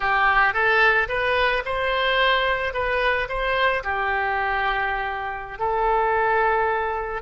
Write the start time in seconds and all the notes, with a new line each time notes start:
0.00 G4
0.53 A4
1.08 B4
1.65 C5
2.73 B4
3.28 C5
3.83 G4
5.59 A4